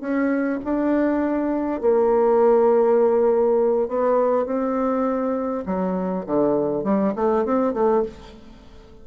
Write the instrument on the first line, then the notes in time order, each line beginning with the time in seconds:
bassoon
0.00 C#4
0.64 D4
1.81 A#3
3.88 B3
4.46 C4
5.66 F#3
6.26 D3
6.84 G3
7.16 A3
7.45 C4
7.73 A3